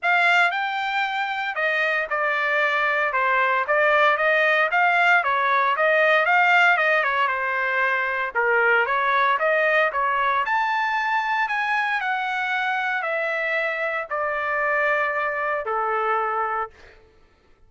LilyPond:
\new Staff \with { instrumentName = "trumpet" } { \time 4/4 \tempo 4 = 115 f''4 g''2 dis''4 | d''2 c''4 d''4 | dis''4 f''4 cis''4 dis''4 | f''4 dis''8 cis''8 c''2 |
ais'4 cis''4 dis''4 cis''4 | a''2 gis''4 fis''4~ | fis''4 e''2 d''4~ | d''2 a'2 | }